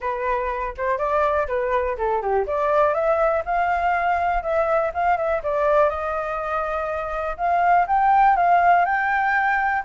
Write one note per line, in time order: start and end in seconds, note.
0.00 0.74 B4
0.77 0.97 C5
0.97 1.47 D5
1.47 1.96 B4
1.97 2.21 A4
2.21 2.46 G4
2.46 2.94 D5
2.94 3.43 E5
3.45 4.42 F5
4.42 4.91 E5
4.93 5.17 F5
5.17 5.41 E5
5.43 5.89 D5
5.89 7.37 D#5
7.37 7.86 F5
7.87 8.36 G5
8.36 8.85 F5
8.85 9.83 G5